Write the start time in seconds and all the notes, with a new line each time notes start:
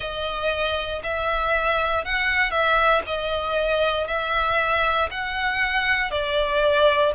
0.00 D#5
1.03 E5
2.04 F#5
2.51 E5
3.06 D#5
4.07 E5
5.10 F#5
6.10 D5